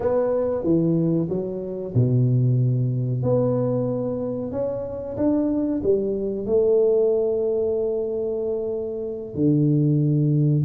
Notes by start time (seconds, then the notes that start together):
0.00 B3
0.63 E3
1.29 F#3
1.94 B2
3.23 B3
4.51 C#4
5.16 D4
5.83 G3
6.45 A3
9.34 D3